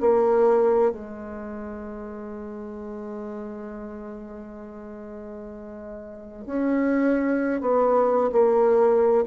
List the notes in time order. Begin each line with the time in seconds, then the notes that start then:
0.00 A#3
0.91 G#3
6.46 C#4
7.61 B3
8.32 A#3